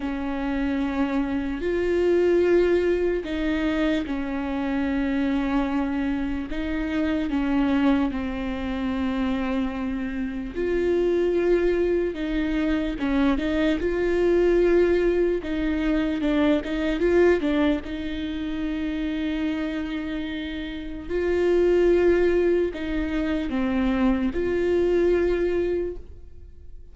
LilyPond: \new Staff \with { instrumentName = "viola" } { \time 4/4 \tempo 4 = 74 cis'2 f'2 | dis'4 cis'2. | dis'4 cis'4 c'2~ | c'4 f'2 dis'4 |
cis'8 dis'8 f'2 dis'4 | d'8 dis'8 f'8 d'8 dis'2~ | dis'2 f'2 | dis'4 c'4 f'2 | }